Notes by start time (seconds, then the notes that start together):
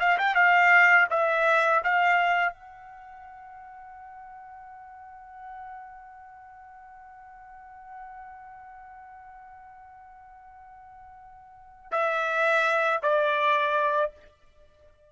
0.00 F5
0.18 G5
0.35 F5
1.10 E5
1.84 F5
2.53 F#5
11.92 E5
13.03 D5